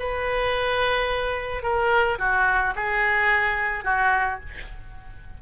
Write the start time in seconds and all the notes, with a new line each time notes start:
0.00 B4
1.63 A#4
2.19 F#4
2.76 G#4
3.85 F#4